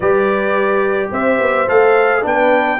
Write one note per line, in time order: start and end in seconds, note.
0.00 1.10 G3
0.00 1.67 G4
0.00 1.09 B4
0.00 1.10 D5
1.11 1.39 C4
1.11 2.23 C5
1.11 1.68 E5
1.39 1.67 B3
1.67 2.24 A3
1.67 2.22 A4
1.67 2.25 F5
2.22 2.80 B3
2.22 2.78 D4
2.22 2.79 B4
2.22 2.80 G5